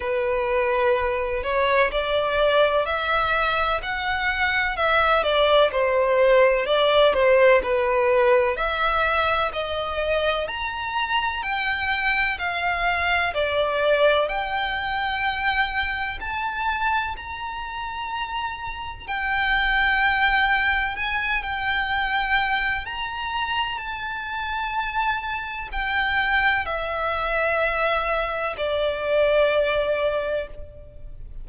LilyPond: \new Staff \with { instrumentName = "violin" } { \time 4/4 \tempo 4 = 63 b'4. cis''8 d''4 e''4 | fis''4 e''8 d''8 c''4 d''8 c''8 | b'4 e''4 dis''4 ais''4 | g''4 f''4 d''4 g''4~ |
g''4 a''4 ais''2 | g''2 gis''8 g''4. | ais''4 a''2 g''4 | e''2 d''2 | }